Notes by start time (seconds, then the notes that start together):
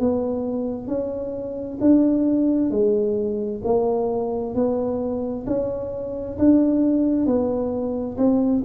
0.00 B3
0.87 C#4
1.81 D4
2.70 G#3
3.64 A#3
4.55 B3
5.47 C#4
6.38 D4
7.26 B3
8.17 C4